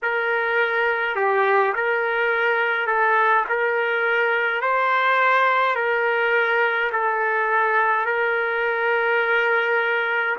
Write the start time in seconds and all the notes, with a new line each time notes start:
0.02 A#4
1.15 G4
1.74 A#4
2.86 A4
3.48 A#4
4.61 C5
5.75 A#4
6.92 A4
8.05 A#4